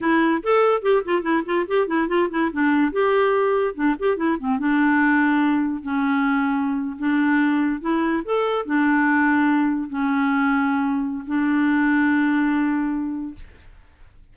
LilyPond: \new Staff \with { instrumentName = "clarinet" } { \time 4/4 \tempo 4 = 144 e'4 a'4 g'8 f'8 e'8 f'8 | g'8 e'8 f'8 e'8 d'4 g'4~ | g'4 d'8 g'8 e'8 c'8 d'4~ | d'2 cis'2~ |
cis'8. d'2 e'4 a'16~ | a'8. d'2. cis'16~ | cis'2. d'4~ | d'1 | }